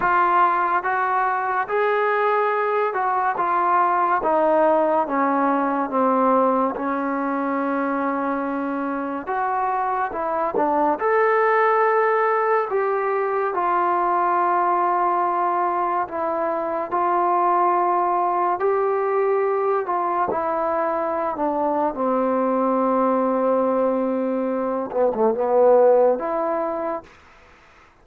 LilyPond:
\new Staff \with { instrumentName = "trombone" } { \time 4/4 \tempo 4 = 71 f'4 fis'4 gis'4. fis'8 | f'4 dis'4 cis'4 c'4 | cis'2. fis'4 | e'8 d'8 a'2 g'4 |
f'2. e'4 | f'2 g'4. f'8 | e'4~ e'16 d'8. c'2~ | c'4. b16 a16 b4 e'4 | }